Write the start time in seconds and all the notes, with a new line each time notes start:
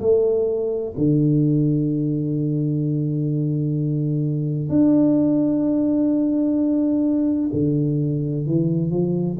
0.00 A3
0.97 D3
4.69 D4
7.53 D3
8.46 E3
8.91 F3